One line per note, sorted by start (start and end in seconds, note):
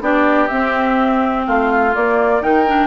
0.00 0.48 B3
0.00 0.48 D4
0.00 1.46 G4
0.00 0.47 D5
0.47 1.92 C4
0.47 1.47 C4
0.47 1.43 E5
1.46 1.95 A3
1.46 2.42 F4
1.46 1.94 F5
1.92 2.40 A#3
1.92 2.42 A#3
1.92 2.42 D5
2.40 2.86 D#3
2.40 2.64 D#4
2.40 2.86 A#4
2.40 2.86 G5
2.66 2.86 D4